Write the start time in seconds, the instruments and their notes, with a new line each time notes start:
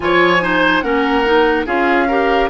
0.00 bassoon F3, clarinet F4, oboe C#5, flute G#5
0.41 clarinet D#4, oboe C5
0.81 bassoon A#3, clarinet C#4, oboe A#4, flute F#5
1.24 clarinet D#4
1.65 bassoon C#4, clarinet F4, oboe G#4, flute F5
2.07 clarinet G4, oboe A#4